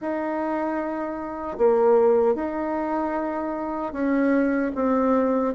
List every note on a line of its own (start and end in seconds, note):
0.01 1.57 D#4
1.57 2.35 A#3
2.35 3.92 D#4
3.92 4.71 C#4
4.75 5.54 C4